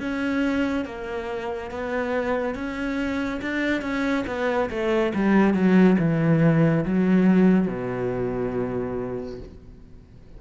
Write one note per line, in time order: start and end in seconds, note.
0.00 0.85 C#4
0.85 1.70 A#3
1.71 2.54 B3
2.54 3.40 C#4
3.41 3.81 D4
3.81 4.24 C#4
4.26 4.69 B3
4.69 5.12 A3
5.14 5.54 G3
5.54 5.96 F#3
5.98 6.84 E3
6.85 7.68 F#3
7.68 9.39 B2